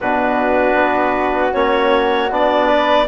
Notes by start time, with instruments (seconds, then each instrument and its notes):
0.00 bassoon B2, trombone D4, flute F#4, clarinet B4
0.74 bassoon B3
1.52 bassoon A#3, trombone C#4, clarinet C#5
2.30 bassoon B3, trombone D4, clarinet D5
2.67 flute B4